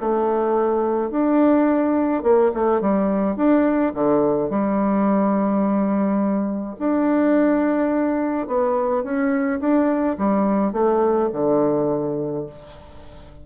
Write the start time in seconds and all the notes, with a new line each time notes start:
0.00 A3
1.10 D4
2.23 A#3
2.54 A3
2.81 G3
3.36 D4
3.94 D3
4.50 G3
6.79 D4
8.47 B3
9.03 C#4
9.60 D4
10.18 G3
10.72 A3
11.33 D3